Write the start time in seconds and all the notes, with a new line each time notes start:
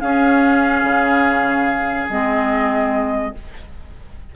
0.00 C#4 G#4 F5
0.83 C#3
2.09 G#3 C4 D#5